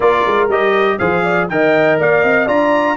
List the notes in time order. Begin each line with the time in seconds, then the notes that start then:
0.00 A#3 F4 A#4 D5
0.26 G#3
0.48 G3 G4 D#5
0.98 F3 G#4 C5 F5
1.23 D5
1.49 D#3 A#4 D#5 G5
1.99 A#3 D5 F5
2.23 C4 D#5
2.46 D4 F4 D5 A#5